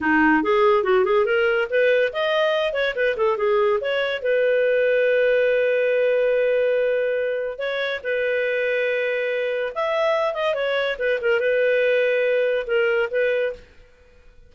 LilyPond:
\new Staff \with { instrumentName = "clarinet" } { \time 4/4 \tempo 4 = 142 dis'4 gis'4 fis'8 gis'8 ais'4 | b'4 dis''4. cis''8 b'8 a'8 | gis'4 cis''4 b'2~ | b'1~ |
b'2 cis''4 b'4~ | b'2. e''4~ | e''8 dis''8 cis''4 b'8 ais'8 b'4~ | b'2 ais'4 b'4 | }